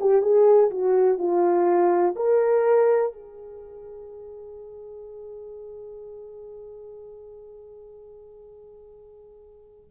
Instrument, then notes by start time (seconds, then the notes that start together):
horn
0.00 G4
0.22 G#4
0.70 F#4
1.18 F4
2.16 A#4
3.12 G#4